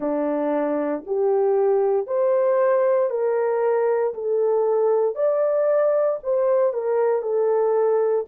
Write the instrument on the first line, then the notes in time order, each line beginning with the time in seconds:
horn
0.00 D4
1.06 G4
2.06 C5
3.10 A#4
4.14 A4
5.15 D5
6.23 C5
6.73 A#4
7.22 A4